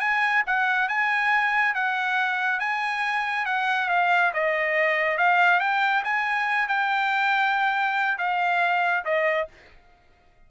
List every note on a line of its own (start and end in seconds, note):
0.00 0.43 G#5
0.47 0.88 F#5
0.88 1.74 G#5
1.74 2.60 F#5
2.60 3.46 G#5
3.46 3.89 F#5
3.89 4.32 F5
4.34 5.18 D#5
5.18 5.60 F5
5.60 6.03 G5
6.04 6.68 G#5
6.68 8.18 G5
8.18 9.05 F5
9.05 9.48 D#5